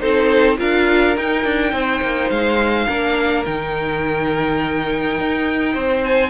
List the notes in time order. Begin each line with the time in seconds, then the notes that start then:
0.00 C4 D#4 A4 C5
0.58 D4 F4 A#4 F5
1.17 D#4 G5
1.45 D4
1.73 C4 C5
2.02 A#3
2.30 G#3 F5
2.87 A#3 D4 A#4
3.45 D#3 D#4 G5
5.19 D#4
5.74 C4 C5
6.05 G#5